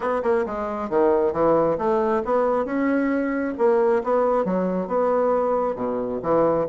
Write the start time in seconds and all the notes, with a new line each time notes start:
0.00 B3
0.22 A#3
0.45 G#3
0.89 D#3
1.33 E3
1.77 A3
2.24 B3
2.65 C#4
3.58 A#3
4.03 B3
4.44 F#3
4.87 B3
5.75 B2
6.22 E3